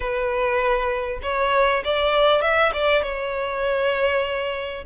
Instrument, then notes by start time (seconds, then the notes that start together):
violin
0.00 B4
1.22 C#5
1.84 D5
2.41 E5
2.72 D5
3.02 C#5